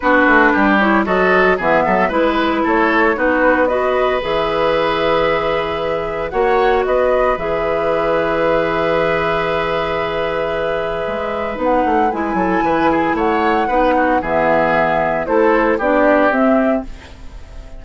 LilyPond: <<
  \new Staff \with { instrumentName = "flute" } { \time 4/4 \tempo 4 = 114 b'4. cis''8 dis''4 e''4 | b'4 cis''4 b'4 dis''4 | e''1 | fis''4 dis''4 e''2~ |
e''1~ | e''2 fis''4 gis''4~ | gis''4 fis''2 e''4~ | e''4 c''4 d''4 e''4 | }
  \new Staff \with { instrumentName = "oboe" } { \time 4/4 fis'4 g'4 a'4 gis'8 a'8 | b'4 a'4 fis'4 b'4~ | b'1 | cis''4 b'2.~ |
b'1~ | b'2.~ b'8 a'8 | b'8 gis'8 cis''4 b'8 fis'8 gis'4~ | gis'4 a'4 g'2 | }
  \new Staff \with { instrumentName = "clarinet" } { \time 4/4 d'4. e'8 fis'4 b4 | e'2 dis'4 fis'4 | gis'1 | fis'2 gis'2~ |
gis'1~ | gis'2 dis'4 e'4~ | e'2 dis'4 b4~ | b4 e'4 d'4 c'4 | }
  \new Staff \with { instrumentName = "bassoon" } { \time 4/4 b8 a8 g4 fis4 e8 fis8 | gis4 a4 b2 | e1 | ais4 b4 e2~ |
e1~ | e4 gis4 b8 a8 gis8 fis8 | e4 a4 b4 e4~ | e4 a4 b4 c'4 | }
>>